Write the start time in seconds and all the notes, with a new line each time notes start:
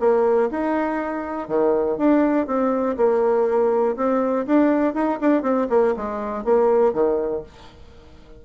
0.00 A#3
0.51 D#4
1.48 D#3
1.98 D4
2.47 C4
2.97 A#3
3.96 C4
4.46 D4
4.94 D#4
5.21 D4
5.42 C4
5.69 A#3
5.96 G#3
6.44 A#3
6.93 D#3